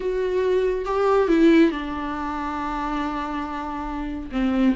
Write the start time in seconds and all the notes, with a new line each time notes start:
0.00 F#4
0.85 G4
1.28 E4
1.71 D4
4.31 C4